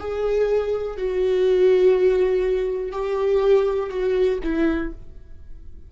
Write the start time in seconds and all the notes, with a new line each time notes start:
0.00 G#4
0.97 F#4
2.92 G4
3.90 F#4
4.43 E4